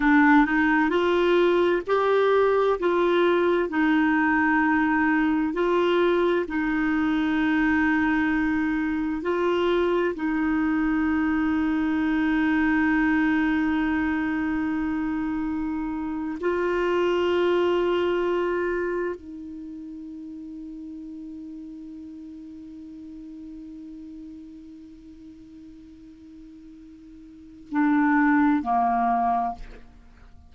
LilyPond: \new Staff \with { instrumentName = "clarinet" } { \time 4/4 \tempo 4 = 65 d'8 dis'8 f'4 g'4 f'4 | dis'2 f'4 dis'4~ | dis'2 f'4 dis'4~ | dis'1~ |
dis'4.~ dis'16 f'2~ f'16~ | f'8. dis'2.~ dis'16~ | dis'1~ | dis'2 d'4 ais4 | }